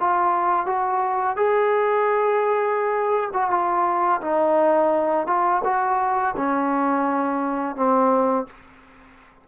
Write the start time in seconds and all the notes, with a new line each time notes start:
0.00 F4
0.66 F#4
1.36 G#4
3.33 F#4
3.50 F4
4.21 D#4
5.27 F4
5.64 F#4
6.36 C#4
7.76 C4